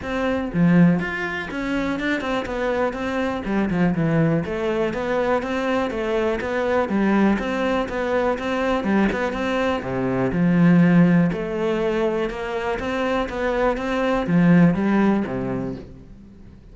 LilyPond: \new Staff \with { instrumentName = "cello" } { \time 4/4 \tempo 4 = 122 c'4 f4 f'4 cis'4 | d'8 c'8 b4 c'4 g8 f8 | e4 a4 b4 c'4 | a4 b4 g4 c'4 |
b4 c'4 g8 b8 c'4 | c4 f2 a4~ | a4 ais4 c'4 b4 | c'4 f4 g4 c4 | }